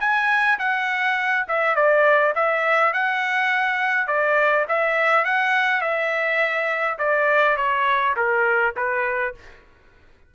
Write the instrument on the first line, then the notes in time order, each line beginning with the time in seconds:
trumpet
0.00 G#5
0.59 F#5
1.48 E5
1.75 D5
2.35 E5
2.93 F#5
4.07 D5
4.68 E5
5.25 F#5
5.81 E5
6.98 D5
7.57 C#5
8.16 A#4
8.76 B4